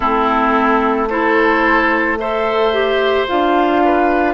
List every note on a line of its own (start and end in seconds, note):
0.00 3.25 A3
0.00 1.09 C4
0.00 1.08 E4
0.00 1.08 A4
1.09 2.18 E4
1.09 2.18 A4
1.09 2.18 C5
2.18 2.72 A4
2.18 3.83 C5
2.18 3.27 E5
2.72 3.27 G4
3.27 4.34 D4
3.27 4.34 F4
3.27 4.34 F5
3.84 4.34 B4